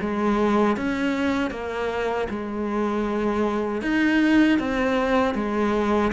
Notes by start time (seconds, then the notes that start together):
0.00 G#3
0.77 C#4
1.50 A#3
2.29 G#3
3.82 D#4
4.59 C4
5.34 G#3